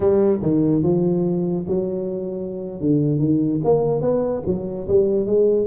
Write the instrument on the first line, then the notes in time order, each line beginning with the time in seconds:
tuba
0.00 G3
0.42 D#3
0.83 F3
1.67 F#3
2.80 D3
3.19 D#3
3.64 A#3
4.01 B3
4.46 F#3
4.88 G3
5.26 G#3